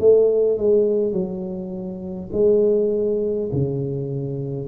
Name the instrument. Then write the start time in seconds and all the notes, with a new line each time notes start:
tuba
0.00 A3
0.58 G#3
1.13 F#3
2.33 G#3
3.52 C#3